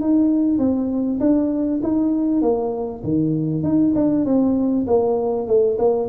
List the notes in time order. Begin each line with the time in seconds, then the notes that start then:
0.00 D#4
0.58 C4
1.20 D4
1.83 D#4
2.41 A#3
3.03 D#3
3.63 D#4
3.95 D4
4.25 C4
4.86 A#3
5.47 A3
5.78 A#3